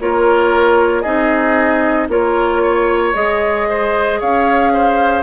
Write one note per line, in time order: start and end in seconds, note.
0.00 1.05 A#3
0.00 1.04 F4
0.00 1.02 A#4
0.00 1.01 C#5
1.01 2.08 C4
1.01 2.09 D#4
1.01 2.07 G#4
1.01 2.07 D#5
2.08 3.14 A#3
2.08 3.14 F4
2.08 2.62 A#4
2.08 3.14 C#5
2.62 3.68 C#5
3.14 4.20 G#3
3.14 5.23 G#4
3.14 4.20 D#5
3.69 4.20 C5
4.20 5.23 C#4
4.20 4.72 C#5
4.20 5.23 F5
4.73 5.23 C5